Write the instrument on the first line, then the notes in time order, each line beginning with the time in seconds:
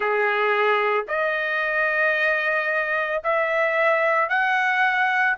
trumpet
0.00 G#4
1.08 D#5
3.23 E5
4.29 F#5